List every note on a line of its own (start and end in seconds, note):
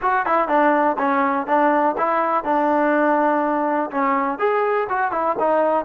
0.01 0.25 F#4
0.25 0.48 E4
0.48 0.96 D4
0.98 1.46 C#4
1.46 1.95 D4
1.97 2.44 E4
2.44 3.90 D4
3.90 4.38 C#4
4.38 4.87 G#4
4.89 5.11 F#4
5.11 5.36 E4
5.39 5.85 D#4